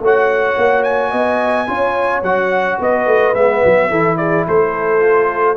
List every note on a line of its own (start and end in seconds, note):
0.00 0.56 A3
0.00 1.67 F#4
0.00 1.11 C#5
0.06 0.83 F#5
0.57 1.13 A#3
0.83 2.22 G#5
1.11 1.68 B3
1.11 1.67 D#5
1.67 2.22 C#4
1.67 2.23 F4
1.67 2.79 C#5
2.22 2.78 F#3
2.22 3.35 F#4
2.22 2.79 F#5
2.80 3.06 B3
2.80 3.89 B4
2.80 3.35 D#5
3.06 3.34 A3
3.34 3.62 G#3
3.34 3.91 B3
3.34 4.17 E5
3.65 3.90 F#3
3.89 4.46 E3
3.89 5.00 E4
3.89 4.17 A4
4.17 4.46 G#4
4.17 4.45 D5
4.47 5.57 A3
4.47 5.57 A4
4.47 5.57 C5
5.00 5.56 F4